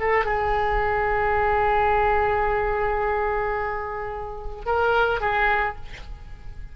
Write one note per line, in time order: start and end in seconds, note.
0.00 0.25 A4
0.25 4.65 G#4
4.66 5.21 A#4
5.21 5.76 G#4